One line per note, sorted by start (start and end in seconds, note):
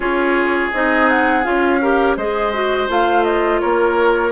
0.00 0.68 C#4
0.00 0.72 F4
0.00 1.81 G#4
0.00 0.72 C#5
0.73 1.45 C4
0.73 1.43 D#4
0.73 1.09 D#5
1.09 1.44 F#5
1.43 2.16 C#4
1.43 1.80 F4
1.43 2.16 F5
1.81 2.17 G4
1.81 2.16 A#4
2.16 2.89 G#3
2.16 2.53 G#4
2.16 3.61 C5
2.16 2.89 D#5
2.53 2.88 F#4
2.88 3.61 A3
2.88 4.31 F4
2.88 3.23 F5
3.23 3.59 D#5
3.60 4.31 A#3
3.60 4.31 A#4
3.60 4.31 C#5